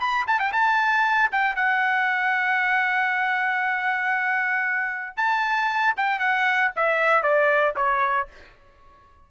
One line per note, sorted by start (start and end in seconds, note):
0.00 0.26 B5
0.27 0.39 A5
0.39 0.52 G5
0.52 1.30 A5
1.32 1.55 G5
1.55 5.17 F#5
5.17 5.95 A5
5.97 6.19 G5
6.19 6.71 F#5
6.76 7.23 E5
7.23 7.74 D5
7.76 8.28 C#5